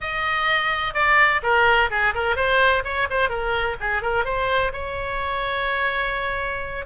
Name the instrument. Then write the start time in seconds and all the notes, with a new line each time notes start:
oboe
0.00 D#5
0.94 D5
1.42 A#4
1.90 G#4
2.14 A#4
2.36 C5
2.84 C#5
3.09 C5
3.29 A#4
3.80 G#4
4.02 A#4
4.24 C5
4.72 C#5